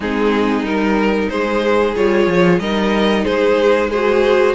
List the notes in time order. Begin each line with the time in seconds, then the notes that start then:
0.00 G#3 C4 D#4 G#4
0.62 G3 D#4 A#4
1.29 G#3 G#4 C5
1.95 G3 F4 C#5
2.26 F3
2.59 G3 D#4 A#4 D#5
3.24 G#3 G#4 C5
3.89 F#4 G#4 C5